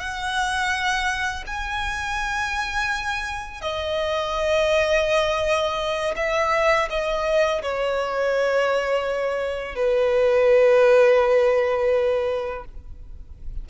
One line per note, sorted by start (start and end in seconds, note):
0.00 1.45 F#5
1.47 3.62 G#5
3.62 6.15 D#5
6.17 6.89 E5
6.90 7.62 D#5
7.63 9.76 C#5
9.76 12.65 B4